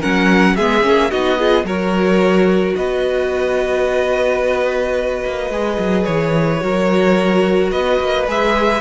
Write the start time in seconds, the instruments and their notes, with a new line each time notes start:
0.00 cello F#3, viola C#4, violin A#4 F#5
0.56 cello G#3, viola B3, violin G#4 E5
0.82 cello A#3, viola C#4
1.11 cello B3, viola D#4, violin F#4 D#5
1.39 viola F4, violin G#4
1.64 cello F#3, viola F#4, violin A#4 C#5
2.76 cello B3, violin B4 D#5
5.26 cello A#3
5.50 cello G#3, viola G#4
5.79 cello F#3
6.05 cello E3, violin C#5
6.61 cello F#3, viola F#4, violin A#4
7.72 cello B3, violin B4 D#5
8.00 cello A#3
8.28 cello G#3, viola G#4, violin E5